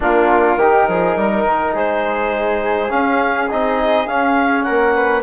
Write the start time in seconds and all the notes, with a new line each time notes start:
0.00 A#3 D4 F4 A#4
0.56 D#3 D#4 G4
0.87 F3 G#4
1.16 G3 A#4
1.44 D#3
1.73 G#3 G#4 C5
2.88 C#4 F5
3.49 C4 D#4 D#5
4.06 C#4 F5
4.63 A#3 A#4 F#5
4.95 B4